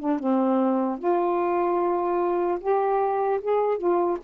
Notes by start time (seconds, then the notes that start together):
0.00 D4
0.19 C4
0.99 F4
2.61 G4
3.42 G#4
3.78 F4